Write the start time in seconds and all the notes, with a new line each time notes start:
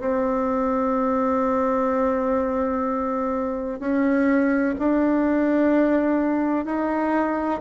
0.00 C4
3.80 C#4
4.79 D4
6.65 D#4